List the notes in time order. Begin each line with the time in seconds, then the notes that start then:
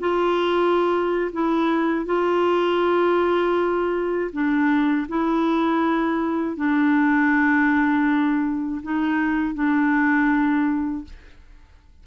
0.00 F4
1.32 E4
2.06 F4
4.32 D4
5.08 E4
6.56 D4
8.83 D#4
9.54 D4